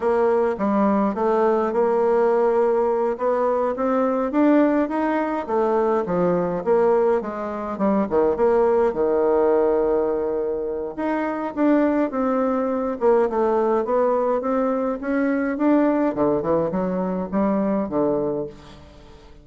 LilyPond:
\new Staff \with { instrumentName = "bassoon" } { \time 4/4 \tempo 4 = 104 ais4 g4 a4 ais4~ | ais4. b4 c'4 d'8~ | d'8 dis'4 a4 f4 ais8~ | ais8 gis4 g8 dis8 ais4 dis8~ |
dis2. dis'4 | d'4 c'4. ais8 a4 | b4 c'4 cis'4 d'4 | d8 e8 fis4 g4 d4 | }